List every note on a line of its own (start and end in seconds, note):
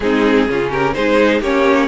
0.00 0.47 G#3
0.00 0.49 C4
0.00 0.49 D#4
0.00 0.69 G#4
0.48 0.95 C#3
0.48 0.95 C#4
0.48 0.70 F4
0.70 0.94 G4
0.70 0.94 A#4
0.94 1.41 G#3
0.94 1.42 D#4
0.94 1.40 G#4
0.94 1.41 C5
1.40 1.88 A#3
1.40 1.88 C#4
1.40 1.87 G4
1.40 1.88 C#5